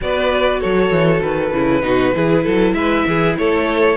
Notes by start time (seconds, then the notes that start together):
0.01 B3 F#4 B4 D5
0.60 F#3 A4 C#5
0.90 E3
1.21 D#3 B4
1.52 C#3 E4
1.82 B2 D#4 F#4
2.14 E3 E4 G#4
2.44 F#3 A4
2.73 G#3 B4 E5
3.06 E3 G#4
3.38 A3 A4 C#5